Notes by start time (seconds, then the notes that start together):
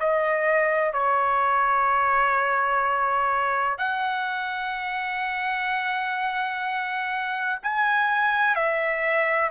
0.00 D#5
0.93 C#5
3.78 F#5
7.63 G#5
8.55 E5